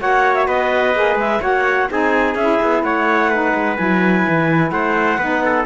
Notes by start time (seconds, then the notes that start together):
0.00 A#3 F#4 C#5 F#5
0.35 E5
0.47 B3 B4 D#5
0.95 A#3 G#4
1.16 G#3 E5
1.41 A#3 F#4 C#5 F#5
1.90 C4 D#4 G#4 G#5
2.36 C#4 E4 E5
2.63 B3
2.83 A3 C#5 F#5
3.30 D#4 B4
3.54 G#3
3.77 F#3 E4 G#5
4.29 E3
4.71 A3 C5 F#5
5.18 B3 D#4 B4
5.46 A4